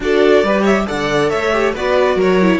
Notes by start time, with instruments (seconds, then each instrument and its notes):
0.00 cello D4, viola F#4, violin A4 D5
0.43 cello G3, viola G4, violin B4
0.61 violin C#5 E5
0.86 cello D3, viola A4, violin D5 F#5
1.29 cello A3, violin C#5 E5
1.52 viola G4
1.73 cello B3, viola F#4, violin B4 D5
2.15 cello F#3, violin A#4 C#5
2.41 viola E4